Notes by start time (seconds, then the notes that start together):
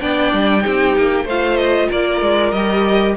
0.00 B3 D4 D5 G5
0.33 G3
0.62 C4 D#4 G4
0.97 A#3
1.25 A3 F4 C5 F5
1.57 D#5
1.89 A#3 A#4 D5
2.22 G#3
2.52 G3 G4 D#5